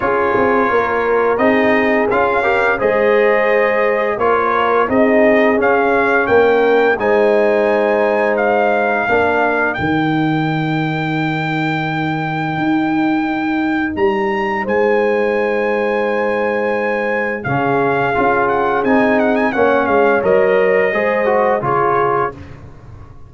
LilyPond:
<<
  \new Staff \with { instrumentName = "trumpet" } { \time 4/4 \tempo 4 = 86 cis''2 dis''4 f''4 | dis''2 cis''4 dis''4 | f''4 g''4 gis''2 | f''2 g''2~ |
g''1 | ais''4 gis''2.~ | gis''4 f''4. fis''8 gis''8 fis''16 gis''16 | fis''8 f''8 dis''2 cis''4 | }
  \new Staff \with { instrumentName = "horn" } { \time 4/4 gis'4 ais'4 gis'4. ais'8 | c''2 ais'4 gis'4~ | gis'4 ais'4 c''2~ | c''4 ais'2.~ |
ais'1~ | ais'4 c''2.~ | c''4 gis'2. | cis''2 c''4 gis'4 | }
  \new Staff \with { instrumentName = "trombone" } { \time 4/4 f'2 dis'4 f'8 g'8 | gis'2 f'4 dis'4 | cis'2 dis'2~ | dis'4 d'4 dis'2~ |
dis'1~ | dis'1~ | dis'4 cis'4 f'4 dis'4 | cis'4 ais'4 gis'8 fis'8 f'4 | }
  \new Staff \with { instrumentName = "tuba" } { \time 4/4 cis'8 c'8 ais4 c'4 cis'4 | gis2 ais4 c'4 | cis'4 ais4 gis2~ | gis4 ais4 dis2~ |
dis2 dis'2 | g4 gis2.~ | gis4 cis4 cis'4 c'4 | ais8 gis8 fis4 gis4 cis4 | }
>>